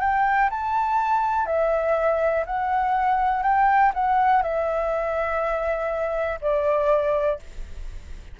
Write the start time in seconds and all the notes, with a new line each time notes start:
0.00 G5
0.50 A5
1.46 E5
2.46 F#5
3.42 G5
3.94 F#5
4.42 E5
6.41 D5